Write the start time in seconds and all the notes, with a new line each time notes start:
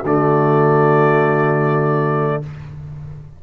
0.00 D3 F#4
0.06 A3 D5